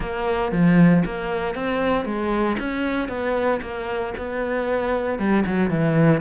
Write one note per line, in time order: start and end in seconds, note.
0.00 0.52 A#3
0.52 1.03 F3
1.05 1.54 A#3
1.54 2.05 C4
2.05 2.57 G#3
2.58 3.08 C#4
3.08 3.60 B3
3.61 4.13 A#3
4.17 5.18 B3
5.18 5.44 G3
5.46 5.70 F#3
5.70 6.21 E3